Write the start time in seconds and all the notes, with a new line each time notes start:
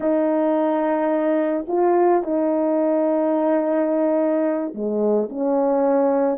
0.00 D#4
1.67 F4
2.23 D#4
4.74 G#3
5.29 C#4